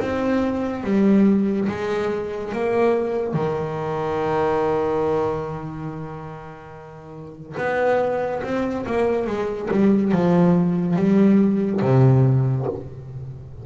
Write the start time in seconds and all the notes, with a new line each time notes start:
0.00 C4
0.84 G3
1.69 G#3
2.52 A#3
3.34 D#3
7.57 B3
8.43 C4
8.86 A#3
9.27 G#3
9.71 G3
10.12 F3
10.96 G3
11.82 C3